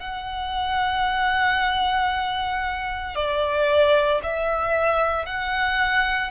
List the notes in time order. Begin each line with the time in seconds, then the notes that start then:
0.00 F#5
3.16 D5
4.23 E5
5.26 F#5